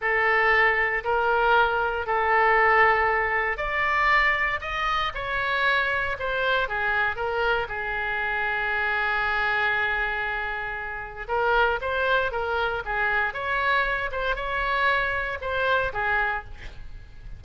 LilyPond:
\new Staff \with { instrumentName = "oboe" } { \time 4/4 \tempo 4 = 117 a'2 ais'2 | a'2. d''4~ | d''4 dis''4 cis''2 | c''4 gis'4 ais'4 gis'4~ |
gis'1~ | gis'2 ais'4 c''4 | ais'4 gis'4 cis''4. c''8 | cis''2 c''4 gis'4 | }